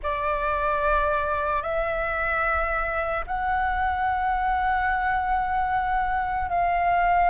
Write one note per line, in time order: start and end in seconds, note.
0.02 1.62 D5
1.62 3.24 E5
3.27 6.49 F#5
6.49 7.30 F5